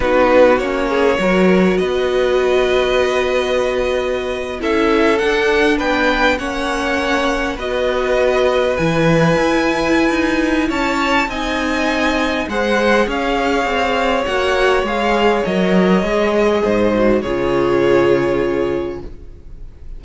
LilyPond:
<<
  \new Staff \with { instrumentName = "violin" } { \time 4/4 \tempo 4 = 101 b'4 cis''2 dis''4~ | dis''2.~ dis''8. e''16~ | e''8. fis''4 g''4 fis''4~ fis''16~ | fis''8. dis''2 gis''4~ gis''16~ |
gis''2 a''4 gis''4~ | gis''4 fis''4 f''2 | fis''4 f''4 dis''2~ | dis''4 cis''2. | }
  \new Staff \with { instrumentName = "violin" } { \time 4/4 fis'4. gis'8 ais'4 b'4~ | b'2.~ b'8. a'16~ | a'4.~ a'16 b'4 cis''4~ cis''16~ | cis''8. b'2.~ b'16~ |
b'2 cis''4 dis''4~ | dis''4 c''4 cis''2~ | cis''1 | c''4 gis'2. | }
  \new Staff \with { instrumentName = "viola" } { \time 4/4 dis'4 cis'4 fis'2~ | fis'2.~ fis'8. e'16~ | e'8. d'2 cis'4~ cis'16~ | cis'8. fis'2 e'4~ e'16~ |
e'2. dis'4~ | dis'4 gis'2. | fis'4 gis'4 ais'4 gis'4~ | gis'8 fis'8 f'2. | }
  \new Staff \with { instrumentName = "cello" } { \time 4/4 b4 ais4 fis4 b4~ | b2.~ b8. cis'16~ | cis'8. d'4 b4 ais4~ ais16~ | ais8. b2 e4 e'16~ |
e'4 dis'4 cis'4 c'4~ | c'4 gis4 cis'4 c'4 | ais4 gis4 fis4 gis4 | gis,4 cis2. | }
>>